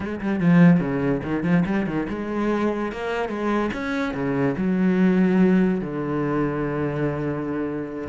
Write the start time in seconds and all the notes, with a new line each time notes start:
0.00 G#3
0.21 G3
0.39 F3
0.80 C#3
1.23 D#3
1.43 F3
1.65 G3
1.86 D#3
2.09 G#3
2.92 A#3
3.28 G#3
3.73 C#4
4.13 C#3
4.57 F#3
5.80 D3